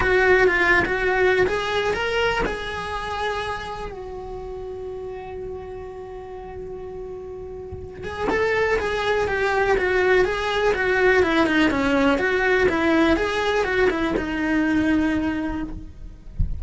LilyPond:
\new Staff \with { instrumentName = "cello" } { \time 4/4 \tempo 4 = 123 fis'4 f'8. fis'4~ fis'16 gis'4 | ais'4 gis'2. | fis'1~ | fis'1~ |
fis'8 gis'8 a'4 gis'4 g'4 | fis'4 gis'4 fis'4 e'8 dis'8 | cis'4 fis'4 e'4 gis'4 | fis'8 e'8 dis'2. | }